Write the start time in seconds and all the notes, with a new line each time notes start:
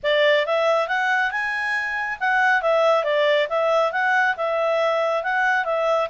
0.03 D5
0.45 E5
0.88 F#5
1.31 G#5
2.20 F#5
2.61 E5
3.04 D5
3.49 E5
3.92 F#5
4.37 E5
5.23 F#5
5.65 E5